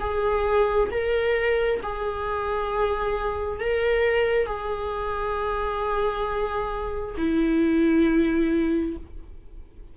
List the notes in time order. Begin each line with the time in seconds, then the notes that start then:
0.00 G#4
0.91 A#4
1.82 G#4
3.60 A#4
4.46 G#4
7.17 E4